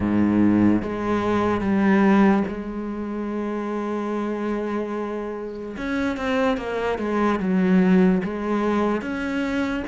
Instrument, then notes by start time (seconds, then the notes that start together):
cello
0.00 G#2
0.82 G#3
1.60 G3
2.47 G#3
5.77 C#4
6.16 C4
6.57 A#3
6.98 G#3
7.39 F#3
8.23 G#3
9.01 C#4